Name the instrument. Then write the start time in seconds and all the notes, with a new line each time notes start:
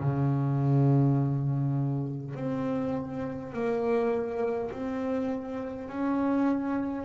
double bass
0.00 C#3
2.35 C4
3.53 A#3
4.72 C4
5.89 C#4